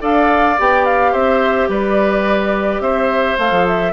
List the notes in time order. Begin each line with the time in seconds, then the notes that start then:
0.00 D4 A4 D5 F5
0.59 B3 G4 G5
0.86 F5
1.12 C4 C5 E5
1.69 G3 B4 D5
2.80 C4 C5 E5
3.39 A3 A4 F5
3.51 F3
3.68 E5